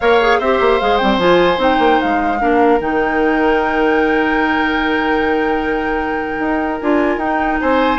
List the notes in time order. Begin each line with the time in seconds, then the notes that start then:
0.00 A#3 A#4 C#5 F5
0.21 G#4
0.39 C4 G4 C5 E5
0.60 A#3
0.80 G#3 G#4 F5
0.97 G3 C4 G5
1.17 F3 F4 G#5
1.57 C4 D#4 G5
1.78 A#3
2.01 G#3 F5
2.40 A#3 D4 A#4
2.79 D#3 D#4 G5
6.39 D#4
6.80 D4 F4 G#5
7.17 D#4 G5
7.60 C4 C5 G#5